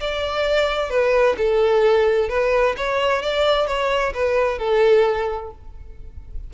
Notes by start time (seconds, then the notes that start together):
0.00 D5
0.90 B4
1.37 A4
2.29 B4
2.77 C#5
3.22 D5
3.67 C#5
4.14 B4
4.59 A4